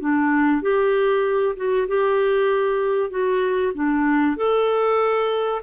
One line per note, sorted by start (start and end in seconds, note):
0.00 0.62 D4
0.62 1.55 G4
1.56 1.88 F#4
1.88 3.10 G4
3.10 3.72 F#4
3.74 4.37 D4
4.37 5.62 A4